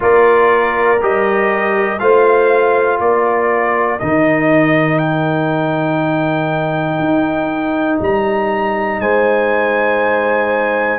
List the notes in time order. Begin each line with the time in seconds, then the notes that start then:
0.00 A#3 F4 A#4 D5
1.01 G3 G4 D#5
1.99 A3 F4 C5 F5
2.99 A#3 A#4 D5
3.99 D#3 D#4 D#5
4.98 G5
6.99 D#4
8.00 G3 A#5
8.99 G#3 C5 G#5